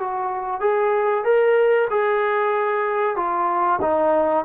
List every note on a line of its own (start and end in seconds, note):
0.00 0.61 F#4
0.61 1.25 G#4
1.25 1.89 A#4
1.91 3.17 G#4
3.17 3.80 F4
3.82 4.46 D#4